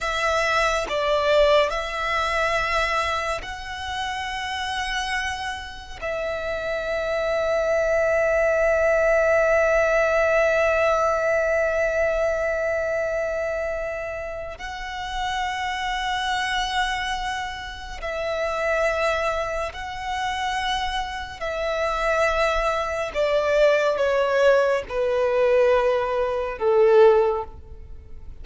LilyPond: \new Staff \with { instrumentName = "violin" } { \time 4/4 \tempo 4 = 70 e''4 d''4 e''2 | fis''2. e''4~ | e''1~ | e''1~ |
e''4 fis''2.~ | fis''4 e''2 fis''4~ | fis''4 e''2 d''4 | cis''4 b'2 a'4 | }